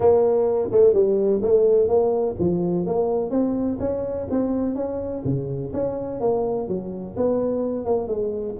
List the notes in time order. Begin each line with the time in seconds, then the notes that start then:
0.00 A#3
0.71 A3
0.93 G3
1.42 A3
1.88 A#3
2.39 F3
2.85 A#3
3.30 C4
3.79 C#4
4.30 C4
4.75 C#4
5.24 C#3
5.73 C#4
6.20 A#3
6.68 F#3
7.16 B3
7.85 A#3
8.07 G#3